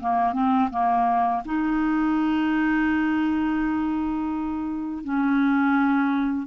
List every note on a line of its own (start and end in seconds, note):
0.00 0.33 A#3
0.33 0.69 C4
0.71 1.43 A#3
1.45 5.04 D#4
5.04 6.47 C#4